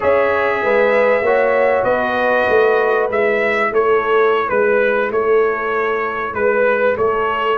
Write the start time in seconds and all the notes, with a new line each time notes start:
0.00 C#4 G#4 C#5 E5
0.62 G#3 B4
1.21 A#3 F#4 C#5
1.84 B3 B4 D#5
2.49 A3
3.09 G#3 E4 E5
3.71 A3 A4 C#5
4.48 G#3 B4
5.10 A3 A4 C#5
6.34 G#3 B4
6.96 A3 A4 C#5